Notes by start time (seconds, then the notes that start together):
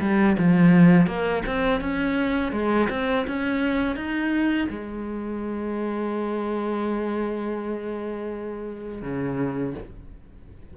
0.00 G3
0.37 F3
1.06 A#3
1.46 C4
1.80 C#4
2.52 G#3
2.89 C4
3.27 C#4
3.95 D#4
4.69 G#3
9.02 C#3